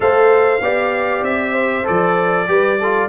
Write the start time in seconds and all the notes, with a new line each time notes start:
0.00 A3 A4 C5 F5
0.60 B3 G4 D5
1.22 C4 E5
1.52 C5
1.84 F3 A4 D5
2.47 G3 G4 B4
2.79 F4 A4